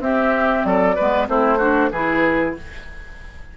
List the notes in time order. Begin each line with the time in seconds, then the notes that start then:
0.00 C4 G4 E5
0.64 F#3 A4 D5
0.96 G#3 B3 B4
1.27 A3 C4 E4 C5
1.58 D4 F#4
1.92 E3 E4 G#4 B4